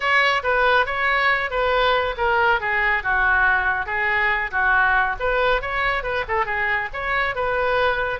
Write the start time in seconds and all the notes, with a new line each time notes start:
0.00 C#5
0.43 B4
0.86 C#5
1.50 B4
2.17 A#4
2.60 G#4
3.03 F#4
3.86 G#4
4.51 F#4
5.19 B4
5.61 C#5
6.03 B4
6.28 A4
6.45 G#4
6.93 C#5
7.35 B4